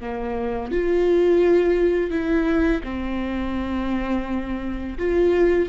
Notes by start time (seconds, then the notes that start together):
0.00 A#3
0.71 F4
2.10 E4
2.83 C4
4.98 F4